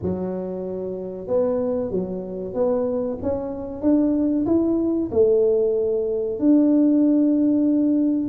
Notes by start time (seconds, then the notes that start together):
0.02 F#3
1.27 B3
1.90 F#3
2.54 B3
3.22 C#4
3.81 D4
4.46 E4
5.11 A3
6.39 D4